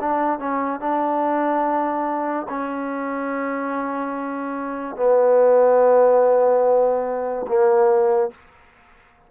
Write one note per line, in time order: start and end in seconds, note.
0.00 0.39 D4
0.39 0.80 C#4
0.80 2.47 D4
2.49 4.96 C#4
4.96 7.46 B3
7.48 8.31 A#3